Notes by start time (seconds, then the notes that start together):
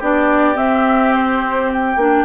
0.00 B3 D4 G4 D5
0.56 C4 E5
1.15 C5
1.73 G5
1.97 A#3 D4